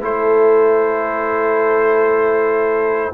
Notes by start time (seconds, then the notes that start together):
0.00 A3 E4 A4 C5